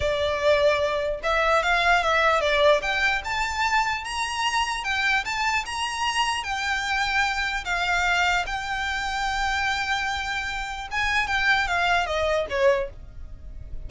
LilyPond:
\new Staff \with { instrumentName = "violin" } { \time 4/4 \tempo 4 = 149 d''2. e''4 | f''4 e''4 d''4 g''4 | a''2 ais''2 | g''4 a''4 ais''2 |
g''2. f''4~ | f''4 g''2.~ | g''2. gis''4 | g''4 f''4 dis''4 cis''4 | }